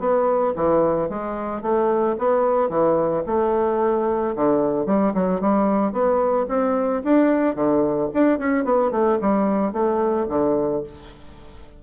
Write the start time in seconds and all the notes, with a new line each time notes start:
0.00 B3
0.56 E3
1.10 G#3
1.62 A3
2.19 B3
2.70 E3
3.27 A3
4.36 D3
4.86 G3
5.14 F#3
5.41 G3
5.93 B3
6.49 C4
7.04 D4
7.56 D3
8.14 D4
8.39 C#4
8.65 B3
8.92 A3
9.22 G3
9.73 A3
10.29 D3